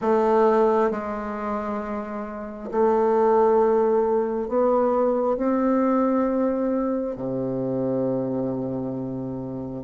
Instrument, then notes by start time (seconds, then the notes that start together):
bassoon
0.01 A3
0.90 G#3
2.71 A3
4.48 B3
5.36 C4
7.16 C3